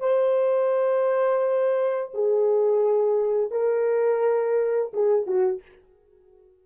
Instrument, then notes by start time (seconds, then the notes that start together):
horn
0.00 C5
2.14 G#4
3.51 A#4
4.94 G#4
5.27 F#4